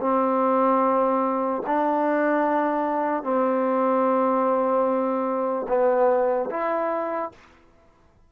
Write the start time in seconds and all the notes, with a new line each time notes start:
0.00 C4
1.66 D4
3.23 C4
5.68 B3
6.50 E4